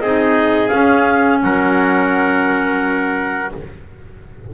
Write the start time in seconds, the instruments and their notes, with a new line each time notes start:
0.00 double bass C4, clarinet D#4 D#5, trumpet G#4
0.68 clarinet C#4 F5, double bass C#4
1.42 double bass F#3, trumpet A#4, clarinet F#5